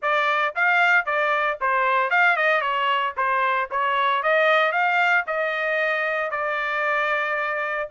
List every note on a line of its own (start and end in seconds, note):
0.02 0.54 D5
0.55 1.05 F5
1.05 1.58 D5
1.61 2.10 C5
2.10 2.36 F5
2.36 2.61 D#5
2.61 3.13 C#5
3.16 3.69 C5
3.71 4.22 C#5
4.22 4.72 D#5
4.72 5.24 F5
5.26 6.30 D#5
6.30 7.88 D5